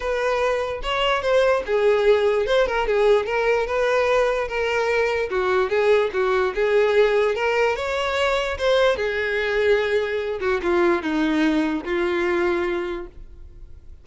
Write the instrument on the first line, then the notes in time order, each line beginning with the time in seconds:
violin
0.00 B4
0.83 C#5
1.22 C5
1.65 G#4
2.46 C5
2.66 A#4
2.87 G#4
3.25 A#4
3.66 B4
4.48 A#4
5.30 F#4
5.69 G#4
6.13 F#4
6.54 G#4
7.35 A#4
7.76 C#5
8.58 C5
8.96 G#4
10.40 F#4
10.62 F4
11.02 D#4
11.84 F4